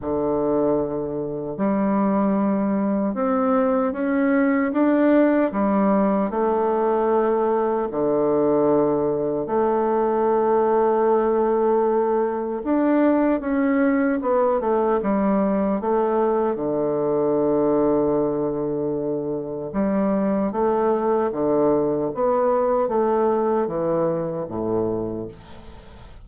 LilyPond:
\new Staff \with { instrumentName = "bassoon" } { \time 4/4 \tempo 4 = 76 d2 g2 | c'4 cis'4 d'4 g4 | a2 d2 | a1 |
d'4 cis'4 b8 a8 g4 | a4 d2.~ | d4 g4 a4 d4 | b4 a4 e4 a,4 | }